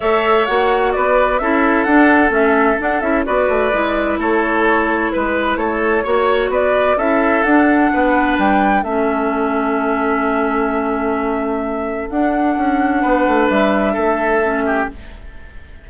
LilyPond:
<<
  \new Staff \with { instrumentName = "flute" } { \time 4/4 \tempo 4 = 129 e''4 fis''4 d''4 e''4 | fis''4 e''4 fis''8 e''8 d''4~ | d''4 cis''2 b'4 | cis''2 d''4 e''4 |
fis''2 g''4 e''4~ | e''1~ | e''2 fis''2~ | fis''4 e''2. | }
  \new Staff \with { instrumentName = "oboe" } { \time 4/4 cis''2 b'4 a'4~ | a'2. b'4~ | b'4 a'2 b'4 | a'4 cis''4 b'4 a'4~ |
a'4 b'2 a'4~ | a'1~ | a'1 | b'2 a'4. g'8 | }
  \new Staff \with { instrumentName = "clarinet" } { \time 4/4 a'4 fis'2 e'4 | d'4 cis'4 d'8 e'8 fis'4 | e'1~ | e'4 fis'2 e'4 |
d'2. cis'4~ | cis'1~ | cis'2 d'2~ | d'2. cis'4 | }
  \new Staff \with { instrumentName = "bassoon" } { \time 4/4 a4 ais4 b4 cis'4 | d'4 a4 d'8 cis'8 b8 a8 | gis4 a2 gis4 | a4 ais4 b4 cis'4 |
d'4 b4 g4 a4~ | a1~ | a2 d'4 cis'4 | b8 a8 g4 a2 | }
>>